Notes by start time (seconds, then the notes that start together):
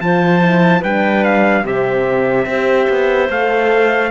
0.00 F3 F4 C5 A5
0.41 E4
0.80 G3 D4 B4 G5
1.24 F5
1.63 C3 C4 G4 E5
2.45 C4 G4 C5
2.89 B3
3.29 A3 A4 F5